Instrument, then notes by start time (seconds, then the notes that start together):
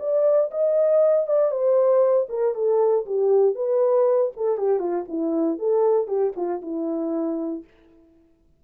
horn
0.00 D5
0.51 D#5
1.27 D5
1.51 C5
2.30 A#4
2.55 A4
3.06 G4
3.55 B4
4.37 A4
4.58 G4
4.80 F4
5.09 E4
5.59 A4
6.08 G4
6.37 F4
6.62 E4